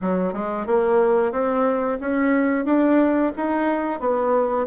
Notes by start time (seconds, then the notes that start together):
0.02 F#3
0.33 G#3
0.66 A#3
1.32 C4
2.00 C#4
2.65 D4
3.36 D#4
4.00 B3